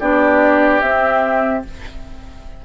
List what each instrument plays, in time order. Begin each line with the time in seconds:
0.00 bassoon B3, clarinet D4, oboe G4, flute D5
0.80 bassoon C4, clarinet C4, flute E5